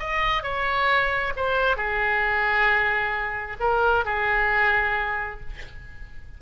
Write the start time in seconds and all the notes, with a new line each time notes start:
0.00 D#5
0.43 C#5
1.37 C5
1.77 G#4
3.60 A#4
4.05 G#4